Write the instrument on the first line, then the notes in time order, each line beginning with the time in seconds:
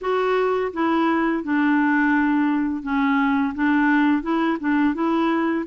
clarinet
0.01 F#4
0.73 E4
1.43 D4
2.82 C#4
3.55 D4
4.22 E4
4.59 D4
4.94 E4